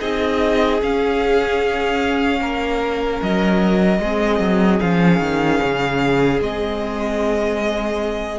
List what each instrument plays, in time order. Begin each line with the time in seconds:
0.00 cello C4, viola D#4, violin G#4 D#5
0.81 viola C#4, cello C#4, violin F5
2.40 cello A#3, violin A#4
3.22 cello F#3, violin D#5
4.00 cello G#3, viola C4, violin G#4
4.40 cello F#3
4.80 cello F3, viola C#4, violin F5
5.19 cello D#3
5.62 cello C#3
6.41 cello G#3, viola C4, violin D#5